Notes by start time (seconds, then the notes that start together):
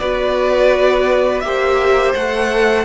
0.00 B3 F#4 B4 D5
1.41 A#3 G4 E5
1.47 C5
2.15 A3 A4 F#5